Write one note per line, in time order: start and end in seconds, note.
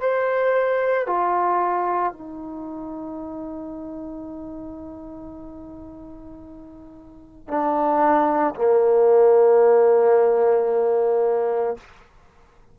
0.00 1.06 C5
1.06 2.12 F4
2.12 7.47 D#4
7.47 8.54 D4
8.55 11.77 A#3